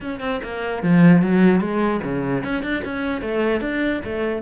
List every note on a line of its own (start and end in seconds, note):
0.00 0.20 C#4
0.20 0.40 C4
0.43 0.83 A#3
0.83 1.22 F3
1.22 1.60 F#3
1.60 2.00 G#3
2.03 2.43 C#3
2.43 2.62 C#4
2.62 2.82 D4
2.84 3.21 C#4
3.21 3.60 A3
3.60 4.01 D4
4.04 4.42 A3